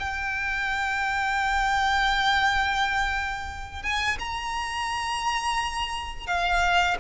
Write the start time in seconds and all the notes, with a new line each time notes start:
0.00 G5
3.83 G#5
4.20 A#5
6.27 F5